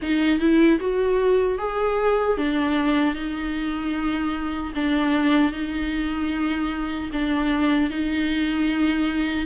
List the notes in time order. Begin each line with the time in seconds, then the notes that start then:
0.02 D#4
0.39 E4
0.80 F#4
1.58 G#4
2.37 D4
3.14 D#4
4.74 D4
5.52 D#4
7.12 D4
7.90 D#4